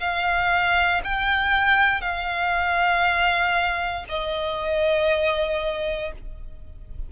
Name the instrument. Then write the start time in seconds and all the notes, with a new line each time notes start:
violin
0.00 F5
1.04 G5
2.01 F5
4.09 D#5